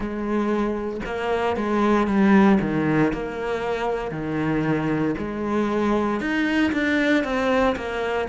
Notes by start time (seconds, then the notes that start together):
0.00 G#3
1.05 A#3
1.56 G#3
2.07 G3
2.61 D#3
3.13 A#3
4.11 D#3
5.17 G#3
6.20 D#4
6.72 D4
7.24 C4
7.76 A#3